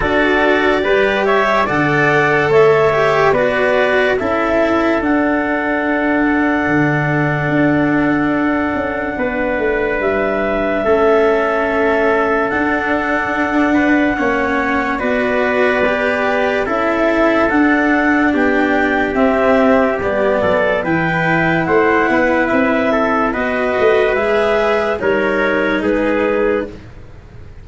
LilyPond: <<
  \new Staff \with { instrumentName = "clarinet" } { \time 4/4 \tempo 4 = 72 d''4. e''8 fis''4 e''4 | d''4 e''4 fis''2~ | fis''1 | e''2. fis''4~ |
fis''2 d''2 | e''4 fis''4 g''4 e''4 | d''4 g''4 fis''4 e''4 | dis''4 e''4 cis''4 b'4 | }
  \new Staff \with { instrumentName = "trumpet" } { \time 4/4 a'4 b'8 cis''8 d''4 cis''4 | b'4 a'2.~ | a'2. b'4~ | b'4 a'2.~ |
a'8 b'8 cis''4 b'2 | a'2 g'2~ | g'8 a'8 b'4 c''8 b'4 a'8 | b'2 ais'4 gis'4 | }
  \new Staff \with { instrumentName = "cello" } { \time 4/4 fis'4 g'4 a'4. g'8 | fis'4 e'4 d'2~ | d'1~ | d'4 cis'2 d'4~ |
d'4 cis'4 fis'4 g'4 | e'4 d'2 c'4 | b4 e'2. | fis'4 gis'4 dis'2 | }
  \new Staff \with { instrumentName = "tuba" } { \time 4/4 d'4 g4 d4 a4 | b4 cis'4 d'2 | d4 d'4. cis'8 b8 a8 | g4 a2 d'4~ |
d'4 ais4 b2 | cis'4 d'4 b4 c'4 | g8 fis8 e4 a8 b8 c'4 | b8 a8 gis4 g4 gis4 | }
>>